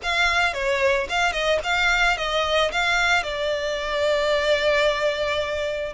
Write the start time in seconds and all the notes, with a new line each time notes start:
0.02 F5
0.53 C#5
1.09 F5
1.32 D#5
1.63 F5
2.17 D#5
2.71 F5
3.23 D5